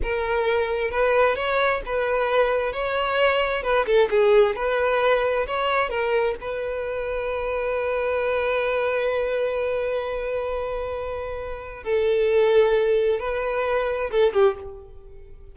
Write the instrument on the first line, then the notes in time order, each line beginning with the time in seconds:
violin
0.02 A#4
0.90 B4
1.35 C#5
1.85 B4
2.72 C#5
3.63 B4
3.86 A4
4.10 G#4
4.55 B4
5.46 C#5
5.89 A#4
6.40 B4
11.83 A4
13.19 B4
14.10 A4
14.33 G4